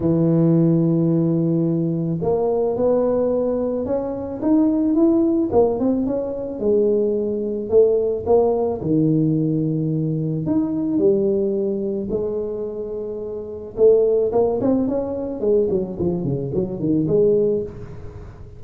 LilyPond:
\new Staff \with { instrumentName = "tuba" } { \time 4/4 \tempo 4 = 109 e1 | ais4 b2 cis'4 | dis'4 e'4 ais8 c'8 cis'4 | gis2 a4 ais4 |
dis2. dis'4 | g2 gis2~ | gis4 a4 ais8 c'8 cis'4 | gis8 fis8 f8 cis8 fis8 dis8 gis4 | }